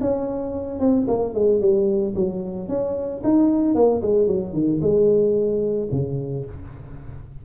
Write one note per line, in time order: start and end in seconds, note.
0.00 0.79 C#4
0.79 1.06 C4
1.07 1.34 A#3
1.34 1.60 G#3
1.60 2.14 G3
2.15 2.68 F#3
2.68 3.22 C#4
3.23 3.75 D#4
3.75 4.01 A#3
4.02 4.27 G#3
4.27 4.53 F#3
4.53 4.80 D#3
4.81 5.88 G#3
5.91 6.45 C#3